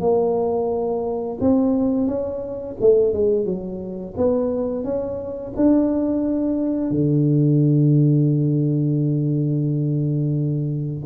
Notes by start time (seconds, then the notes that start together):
0.00 A#3
1.40 C4
2.07 C#4
2.81 A3
3.13 G#3
3.45 F#3
4.17 B3
4.84 C#4
5.56 D4
6.91 D3